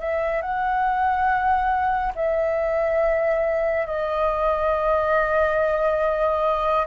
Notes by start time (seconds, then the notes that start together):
0.00 E5
0.41 F#5
2.15 E5
3.86 D#5